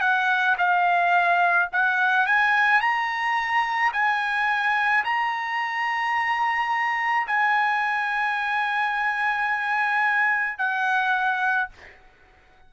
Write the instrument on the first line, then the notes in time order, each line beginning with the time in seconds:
trumpet
0.00 F#5
0.58 F5
1.72 F#5
2.26 G#5
2.81 A#5
3.92 G#5
5.04 A#5
7.27 G#5
10.58 F#5